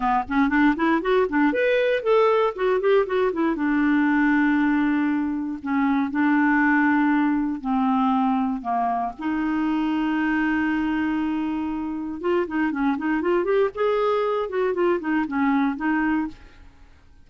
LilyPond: \new Staff \with { instrumentName = "clarinet" } { \time 4/4 \tempo 4 = 118 b8 cis'8 d'8 e'8 fis'8 d'8 b'4 | a'4 fis'8 g'8 fis'8 e'8 d'4~ | d'2. cis'4 | d'2. c'4~ |
c'4 ais4 dis'2~ | dis'1 | f'8 dis'8 cis'8 dis'8 f'8 g'8 gis'4~ | gis'8 fis'8 f'8 dis'8 cis'4 dis'4 | }